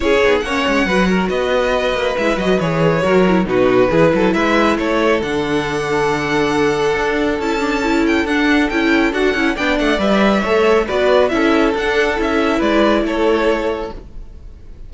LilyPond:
<<
  \new Staff \with { instrumentName = "violin" } { \time 4/4 \tempo 4 = 138 cis''4 fis''2 dis''4~ | dis''4 e''8 dis''8 cis''2 | b'2 e''4 cis''4 | fis''1~ |
fis''4 a''4. g''8 fis''4 | g''4 fis''4 g''8 fis''8 e''4~ | e''4 d''4 e''4 fis''4 | e''4 d''4 cis''2 | }
  \new Staff \with { instrumentName = "violin" } { \time 4/4 gis'4 cis''4 b'8 ais'8 b'4~ | b'2. ais'4 | fis'4 gis'8 a'8 b'4 a'4~ | a'1~ |
a'1~ | a'2 d''2 | cis''4 b'4 a'2~ | a'4 b'4 a'2 | }
  \new Staff \with { instrumentName = "viola" } { \time 4/4 e'8 dis'8 cis'4 fis'2~ | fis'4 e'8 fis'8 gis'4 fis'8 e'8 | dis'4 e'2. | d'1~ |
d'4 e'8 d'8 e'4 d'4 | e'4 fis'8 e'8 d'4 b'4 | a'4 fis'4 e'4 d'4 | e'1 | }
  \new Staff \with { instrumentName = "cello" } { \time 4/4 cis'8 b8 ais8 gis8 fis4 b4~ | b8 ais8 gis8 fis8 e4 fis4 | b,4 e8 fis8 gis4 a4 | d1 |
d'4 cis'2 d'4 | cis'4 d'8 cis'8 b8 a8 g4 | a4 b4 cis'4 d'4 | cis'4 gis4 a2 | }
>>